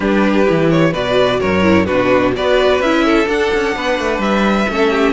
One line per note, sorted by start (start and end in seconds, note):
0.00 0.47 G3
0.00 0.46 D4
0.00 0.92 G4
0.00 0.70 B4
0.46 0.93 E3
0.46 0.93 E4
0.70 0.93 C#5
0.92 1.40 B2
0.92 1.61 F#4
0.92 1.39 B4
0.92 1.40 D5
1.40 1.88 F#2
1.40 1.85 A#4
1.40 1.85 C#5
1.61 1.85 E4
1.85 2.37 B2
1.85 2.35 D4
1.85 2.32 F#4
1.85 2.32 B4
2.36 2.79 B3
2.36 2.83 F#4
2.36 3.05 B4
2.36 2.81 D5
2.79 3.26 C#4
2.79 3.25 E4
2.79 3.28 E5
3.05 3.75 A4
3.25 4.66 D4
3.25 3.51 D4
3.25 4.20 F#5
3.53 3.76 C#4
3.76 3.99 B3
3.76 4.71 B4
3.99 4.18 A3
4.18 4.65 G3
4.18 5.13 E5
4.68 5.13 A3
4.68 5.13 C#4
4.68 4.90 A4
4.90 5.13 G4